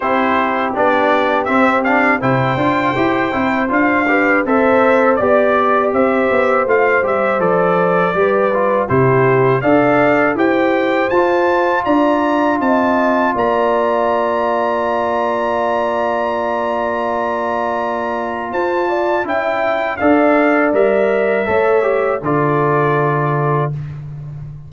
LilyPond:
<<
  \new Staff \with { instrumentName = "trumpet" } { \time 4/4 \tempo 4 = 81 c''4 d''4 e''8 f''8 g''4~ | g''4 f''4 e''4 d''4 | e''4 f''8 e''8 d''2 | c''4 f''4 g''4 a''4 |
ais''4 a''4 ais''2~ | ais''1~ | ais''4 a''4 g''4 f''4 | e''2 d''2 | }
  \new Staff \with { instrumentName = "horn" } { \time 4/4 g'2. c''4~ | c''4. b'8 c''4 d''4 | c''2. b'4 | g'4 d''4 c''2 |
d''4 dis''4 d''2~ | d''1~ | d''4 c''8 d''8 e''4 d''4~ | d''4 cis''4 a'2 | }
  \new Staff \with { instrumentName = "trombone" } { \time 4/4 e'4 d'4 c'8 d'8 e'8 f'8 | g'8 e'8 f'8 g'8 a'4 g'4~ | g'4 f'8 g'8 a'4 g'8 f'8 | e'4 a'4 g'4 f'4~ |
f'1~ | f'1~ | f'2 e'4 a'4 | ais'4 a'8 g'8 f'2 | }
  \new Staff \with { instrumentName = "tuba" } { \time 4/4 c'4 b4 c'4 c8 d'8 | e'8 c'8 d'4 c'4 b4 | c'8 b8 a8 g8 f4 g4 | c4 d'4 e'4 f'4 |
d'4 c'4 ais2~ | ais1~ | ais4 f'4 cis'4 d'4 | g4 a4 d2 | }
>>